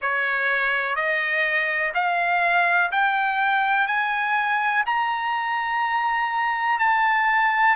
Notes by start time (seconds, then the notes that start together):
0.01 C#5
0.95 D#5
1.94 F5
2.91 G5
3.87 G#5
4.86 A#5
6.79 A5